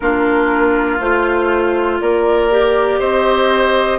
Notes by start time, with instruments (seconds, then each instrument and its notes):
0.00 bassoon A#3, clarinet D4, oboe F4, flute A#4
0.99 bassoon A3, clarinet F4, flute C5
2.00 bassoon A#3, oboe A#4, flute D5
2.50 clarinet G4
2.99 bassoon C4, oboe C5, flute D#5